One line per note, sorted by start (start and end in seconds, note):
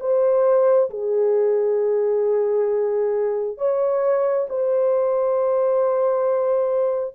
0.00 0.90 C5
0.90 3.58 G#4
3.58 4.47 C#5
4.49 7.15 C5